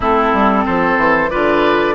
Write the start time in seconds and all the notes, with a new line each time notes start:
0.00 A3 C4 E4 A4
0.33 G3
0.65 F3 A4 C5
0.97 E3
1.30 D3 F4 B4 D5